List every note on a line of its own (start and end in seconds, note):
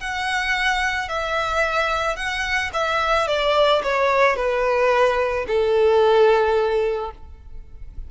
0.00 1.09 F#5
1.09 2.16 E5
2.16 2.71 F#5
2.73 3.28 E5
3.28 3.82 D5
3.83 4.36 C#5
4.36 5.45 B4
5.47 7.11 A4